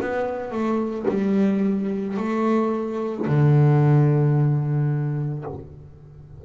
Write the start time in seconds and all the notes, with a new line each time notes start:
0.00 B3
0.51 A3
1.08 G3
2.17 A3
3.26 D3